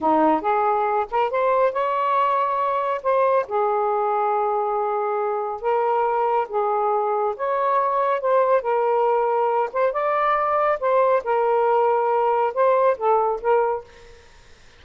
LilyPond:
\new Staff \with { instrumentName = "saxophone" } { \time 4/4 \tempo 4 = 139 dis'4 gis'4. ais'8 c''4 | cis''2. c''4 | gis'1~ | gis'4 ais'2 gis'4~ |
gis'4 cis''2 c''4 | ais'2~ ais'8 c''8 d''4~ | d''4 c''4 ais'2~ | ais'4 c''4 a'4 ais'4 | }